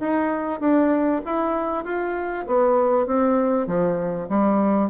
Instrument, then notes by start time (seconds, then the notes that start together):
bassoon
0.00 D#4
0.60 D4
1.26 E4
1.85 F4
2.47 B3
3.07 C4
3.67 F3
4.29 G3